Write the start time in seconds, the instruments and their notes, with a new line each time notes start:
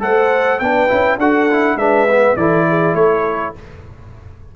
0.00 tuba A3, trombone A4, horn C5, trumpet F#5
0.59 tuba B3, trombone D4, horn B4, trumpet G5
0.88 tuba C#4, trombone E4
1.18 tuba D4, trombone F#4, horn A4, trumpet F#5
1.50 trombone E4
1.76 tuba G#3, trombone D4, horn B4, trumpet E5
2.09 trombone B3
2.36 tuba E3, trombone E4, horn A4, trumpet D5
2.68 horn G#4
2.94 tuba A3, horn A4, trumpet C#5